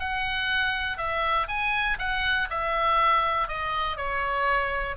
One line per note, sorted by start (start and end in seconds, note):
0.00 0.98 F#5
0.98 1.47 E5
1.48 1.97 G#5
1.99 2.48 F#5
2.50 3.48 E5
3.48 3.97 D#5
3.97 4.96 C#5